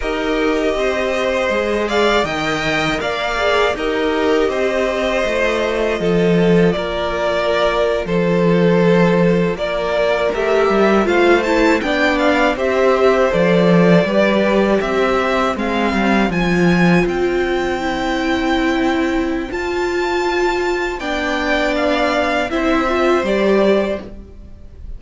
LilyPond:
<<
  \new Staff \with { instrumentName = "violin" } { \time 4/4 \tempo 4 = 80 dis''2~ dis''8 f''8 g''4 | f''4 dis''2.~ | dis''4 d''4.~ d''16 c''4~ c''16~ | c''8. d''4 e''4 f''8 a''8 g''16~ |
g''16 f''8 e''4 d''2 e''16~ | e''8. f''4 gis''4 g''4~ g''16~ | g''2 a''2 | g''4 f''4 e''4 d''4 | }
  \new Staff \with { instrumentName = "violin" } { \time 4/4 ais'4 c''4. d''8 dis''4 | d''4 ais'4 c''2 | a'4 ais'4.~ ais'16 a'4~ a'16~ | a'8. ais'2 c''4 d''16~ |
d''8. c''2 b'4 c''16~ | c''1~ | c''1 | d''2 c''2 | }
  \new Staff \with { instrumentName = "viola" } { \time 4/4 g'2 gis'4 ais'4~ | ais'8 gis'8 g'2 f'4~ | f'1~ | f'4.~ f'16 g'4 f'8 e'8 d'16~ |
d'8. g'4 a'4 g'4~ g'16~ | g'8. c'4 f'2 e'16~ | e'2 f'2 | d'2 e'8 f'8 g'4 | }
  \new Staff \with { instrumentName = "cello" } { \time 4/4 dis'4 c'4 gis4 dis4 | ais4 dis'4 c'4 a4 | f4 ais4.~ ais16 f4~ f16~ | f8. ais4 a8 g8 a4 b16~ |
b8. c'4 f4 g4 c'16~ | c'8. gis8 g8 f4 c'4~ c'16~ | c'2 f'2 | b2 c'4 g4 | }
>>